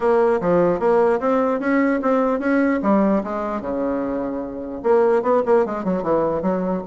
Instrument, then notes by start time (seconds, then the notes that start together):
bassoon
0.00 A#3
0.40 F3
0.79 A#3
1.20 C4
1.60 C#4
2.01 C4
2.39 C#4
2.82 G3
3.23 G#3
3.61 C#3
4.83 A#3
5.22 B3
5.45 A#3
5.65 G#3
5.84 F#3
6.02 E3
6.42 F#3